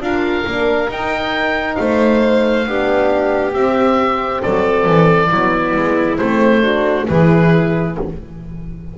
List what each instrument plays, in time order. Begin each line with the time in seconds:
0.00 double bass D4, horn F4, violin A#4, oboe F5
0.46 double bass A#3, horn D4
0.88 double bass D#4, horn D#4, oboe G5
1.75 double bass A3, violin C5, oboe F5
2.67 double bass B3, horn D4, violin G4
3.53 horn C4, double bass C4, oboe E5
4.42 double bass F#3, violin A4, oboe D5
4.86 double bass E3
5.30 double bass F#3, horn B3, violin E4
5.75 double bass G#3
6.17 double bass A3, horn C4, oboe C5
6.61 horn D4, violin F#4
7.08 double bass E3, horn E4, violin G#4, oboe B4